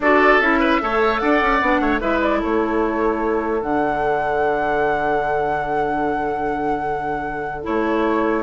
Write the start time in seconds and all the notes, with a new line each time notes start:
0.00 D4 F#4 A4 D5
0.39 C#4 E4 E5
0.59 B4
0.80 A3 A4 C#5
1.18 D4 D5 F#5
1.41 C#4
1.61 B3 D4
1.80 A3 C#5
2.00 G#3 E4 B4 E5
2.22 D5
2.39 A3 A4 C#5
3.61 D3 D4 F#5
7.63 A3 E4 C#5